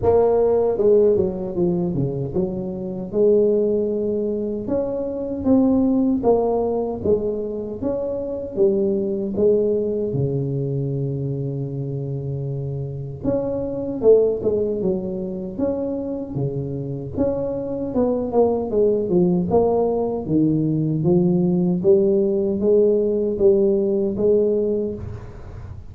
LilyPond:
\new Staff \with { instrumentName = "tuba" } { \time 4/4 \tempo 4 = 77 ais4 gis8 fis8 f8 cis8 fis4 | gis2 cis'4 c'4 | ais4 gis4 cis'4 g4 | gis4 cis2.~ |
cis4 cis'4 a8 gis8 fis4 | cis'4 cis4 cis'4 b8 ais8 | gis8 f8 ais4 dis4 f4 | g4 gis4 g4 gis4 | }